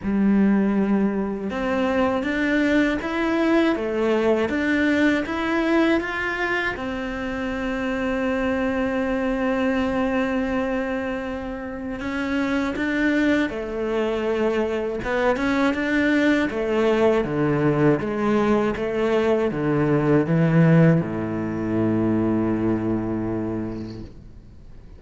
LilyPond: \new Staff \with { instrumentName = "cello" } { \time 4/4 \tempo 4 = 80 g2 c'4 d'4 | e'4 a4 d'4 e'4 | f'4 c'2.~ | c'1 |
cis'4 d'4 a2 | b8 cis'8 d'4 a4 d4 | gis4 a4 d4 e4 | a,1 | }